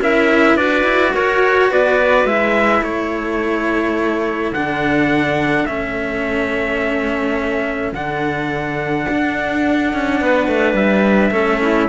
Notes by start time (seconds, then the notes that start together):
0.00 C#4 E4 A#4 E5
0.56 D4 F#4 B4 D5
0.84 E4
1.14 F#4 A#4 C#5
1.70 B3 B4 D5
2.25 G#3 E4 E5
2.82 A3 A4 C#5
4.52 D3 D4 F#5
5.66 A3 C#4 E5
7.93 D3 D4 F#5
9.10 D4
9.94 C#4
10.21 B3 B4
10.48 A3
10.74 G3 E5
11.32 A3 C#4 A4
11.62 E4